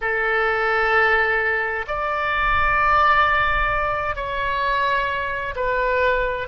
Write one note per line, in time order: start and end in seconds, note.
0.01 1.85 A4
1.87 4.15 D5
4.15 5.54 C#5
5.56 6.48 B4